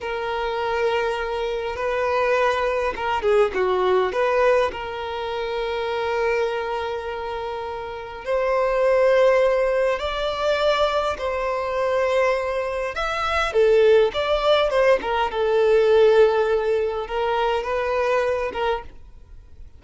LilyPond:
\new Staff \with { instrumentName = "violin" } { \time 4/4 \tempo 4 = 102 ais'2. b'4~ | b'4 ais'8 gis'8 fis'4 b'4 | ais'1~ | ais'2 c''2~ |
c''4 d''2 c''4~ | c''2 e''4 a'4 | d''4 c''8 ais'8 a'2~ | a'4 ais'4 b'4. ais'8 | }